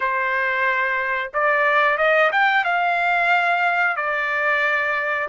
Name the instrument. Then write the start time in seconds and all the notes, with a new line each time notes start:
trumpet
0.00 C5
1.33 D5
1.97 D#5
2.31 G5
2.64 F5
3.96 D5